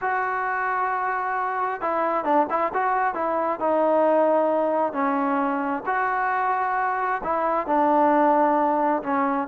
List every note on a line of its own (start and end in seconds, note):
0.01 1.81 F#4
1.81 2.24 E4
2.24 2.46 D4
2.49 2.72 E4
2.73 3.14 F#4
3.14 3.59 E4
3.59 4.93 D#4
4.93 5.83 C#4
5.86 7.21 F#4
7.23 7.67 E4
7.67 9.02 D4
9.02 9.47 C#4